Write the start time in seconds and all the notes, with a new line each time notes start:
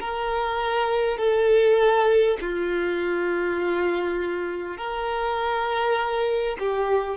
0.00 A#4
1.17 A4
2.41 F4
4.77 A#4
6.59 G4